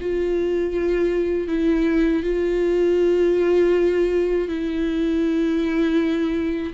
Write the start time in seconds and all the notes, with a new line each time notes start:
0.00 F4
1.48 E4
2.23 F4
4.48 E4